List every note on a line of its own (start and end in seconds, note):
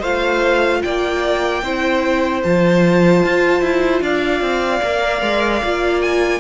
0.00 0.82 A3
0.00 1.63 F4
0.00 0.80 C5
0.00 0.82 F5
0.82 1.62 A#3
0.82 1.64 D5
0.82 2.42 G5
1.62 2.43 C4
1.62 2.44 E4
1.62 4.02 C5
2.43 3.23 F3
2.43 4.83 F4
2.43 4.03 A5
3.23 3.62 F4
3.62 4.01 E4
4.01 4.41 D4
4.01 6.40 D5
4.01 6.02 F5
4.41 4.81 C4
4.83 5.22 A#3
4.83 5.63 A#4
5.22 5.62 G#3
5.63 6.40 A#3
5.63 6.40 F4
6.02 6.40 G#5